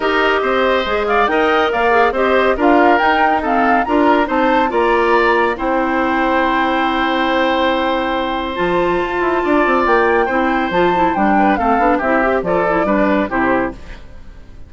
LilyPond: <<
  \new Staff \with { instrumentName = "flute" } { \time 4/4 \tempo 4 = 140 dis''2~ dis''8 f''8 g''4 | f''4 dis''4 f''4 g''4 | f''4 ais''4 a''4 ais''4~ | ais''4 g''2.~ |
g''1 | a''2. g''4~ | g''4 a''4 g''4 f''4 | e''4 d''2 c''4 | }
  \new Staff \with { instrumentName = "oboe" } { \time 4/4 ais'4 c''4. d''8 dis''4 | d''4 c''4 ais'2 | a'4 ais'4 c''4 d''4~ | d''4 c''2.~ |
c''1~ | c''2 d''2 | c''2~ c''8 b'8 a'4 | g'4 a'4 b'4 g'4 | }
  \new Staff \with { instrumentName = "clarinet" } { \time 4/4 g'2 gis'4 ais'4~ | ais'8 gis'8 g'4 f'4 dis'4 | c'4 f'4 dis'4 f'4~ | f'4 e'2.~ |
e'1 | f'1 | e'4 f'8 e'8 d'4 c'8 d'8 | e'8 g'8 f'8 e'8 d'4 e'4 | }
  \new Staff \with { instrumentName = "bassoon" } { \time 4/4 dis'4 c'4 gis4 dis'4 | ais4 c'4 d'4 dis'4~ | dis'4 d'4 c'4 ais4~ | ais4 c'2.~ |
c'1 | f4 f'8 e'8 d'8 c'8 ais4 | c'4 f4 g4 a8 b8 | c'4 f4 g4 c4 | }
>>